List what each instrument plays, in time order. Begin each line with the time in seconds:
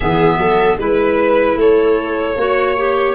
0.00 tuba E3, clarinet B3, viola G#4, violin E5
0.37 tuba F#3, viola A4
0.78 tuba G#3, clarinet E4, violin B4, viola B4
1.55 tuba A3, viola A4, violin C#5
2.36 tuba A#3, clarinet F#4, viola C#5
2.76 clarinet G4